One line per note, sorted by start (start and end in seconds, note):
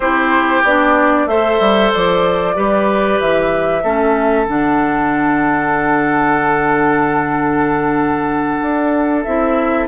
0.00 0.62 C4
0.00 0.65 E4
0.00 1.27 G4
0.00 0.63 C5
0.63 1.26 B3
0.63 1.29 D4
0.63 1.28 D5
1.26 1.57 A3
1.26 2.55 A4
1.26 2.55 C5
1.26 1.91 E5
1.60 1.92 G3
1.93 2.56 F3
1.93 3.19 D5
2.55 3.20 G3
2.55 3.82 G4
2.55 3.83 B4
3.19 3.83 E3
3.19 4.45 E5
3.83 4.46 A3
3.83 4.46 C#4
3.83 9.87 A4
4.45 8.61 D3
4.45 9.25 D4
4.45 9.23 F#5
8.61 9.25 D4
9.23 9.87 C4
9.23 9.87 E4
9.23 9.87 E5